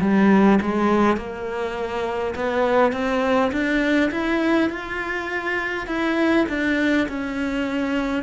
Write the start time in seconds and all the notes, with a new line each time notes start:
0.00 G3
0.61 G#3
1.17 A#3
2.35 B3
2.93 C4
3.52 D4
4.11 E4
4.70 F4
5.87 E4
6.49 D4
7.09 C#4